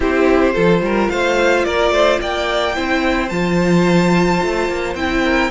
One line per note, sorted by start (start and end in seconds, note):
0.00 0.55 C4
0.00 0.52 E4
0.00 0.53 G4
0.00 1.09 C5
0.52 0.81 F3
0.52 2.73 F4
0.52 0.81 A4
0.81 1.08 G3
0.81 1.11 A#4
1.09 1.65 A3
1.09 1.65 C5
1.09 1.64 F5
1.64 1.90 A#3
1.64 1.92 A#4
1.64 2.19 D5
1.90 2.18 A3
1.90 2.20 C5
2.20 2.76 A#3
2.20 2.75 D5
2.20 3.28 G5
2.74 3.30 C4
2.74 3.29 E4
2.74 5.23 C5
3.28 4.40 F3
3.28 4.96 F4
3.28 4.93 A5
4.42 4.68 A3
4.68 4.94 A#3
4.94 5.49 C4
4.94 5.51 E4
4.94 5.50 G5
5.24 5.51 A#4